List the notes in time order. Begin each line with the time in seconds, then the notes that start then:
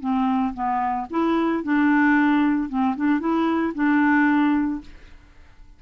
0.00 C4
0.54 B3
1.10 E4
1.63 D4
2.69 C4
2.96 D4
3.20 E4
3.74 D4